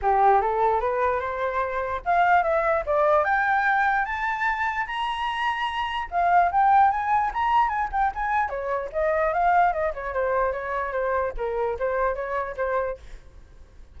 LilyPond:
\new Staff \with { instrumentName = "flute" } { \time 4/4 \tempo 4 = 148 g'4 a'4 b'4 c''4~ | c''4 f''4 e''4 d''4 | g''2 a''2 | ais''2. f''4 |
g''4 gis''4 ais''4 gis''8 g''8 | gis''4 cis''4 dis''4 f''4 | dis''8 cis''8 c''4 cis''4 c''4 | ais'4 c''4 cis''4 c''4 | }